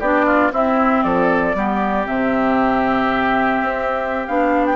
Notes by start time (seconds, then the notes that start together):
0.00 B3 D4 G4 D5
0.26 F4
0.52 C4 E4 E5
1.03 F3 A4 D5
1.55 G3 B3 G4
2.06 C3 C4 E5
3.63 C4
4.27 B3 D4 F5
4.66 G5